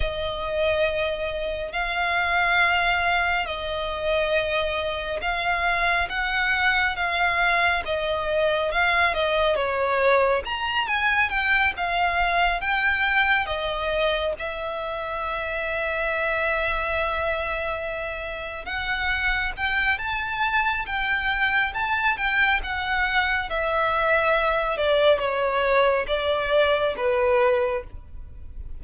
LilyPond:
\new Staff \with { instrumentName = "violin" } { \time 4/4 \tempo 4 = 69 dis''2 f''2 | dis''2 f''4 fis''4 | f''4 dis''4 f''8 dis''8 cis''4 | ais''8 gis''8 g''8 f''4 g''4 dis''8~ |
dis''8 e''2.~ e''8~ | e''4. fis''4 g''8 a''4 | g''4 a''8 g''8 fis''4 e''4~ | e''8 d''8 cis''4 d''4 b'4 | }